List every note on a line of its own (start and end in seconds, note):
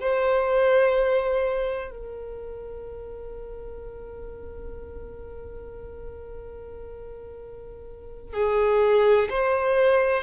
0.00 1.90 C5
1.90 8.33 A#4
8.33 9.28 G#4
9.29 10.23 C5